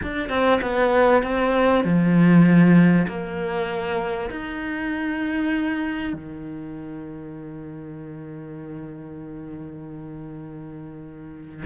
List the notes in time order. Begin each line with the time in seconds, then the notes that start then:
0.02 D4
0.29 C4
0.61 B3
1.22 C4
1.84 F3
3.07 A#3
4.30 D#4
6.13 D#3